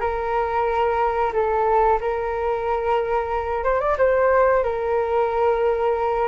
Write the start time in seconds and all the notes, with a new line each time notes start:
0.00 A#4
1.33 A4
2.00 A#4
3.64 C5
3.80 D5
3.98 C5
4.63 A#4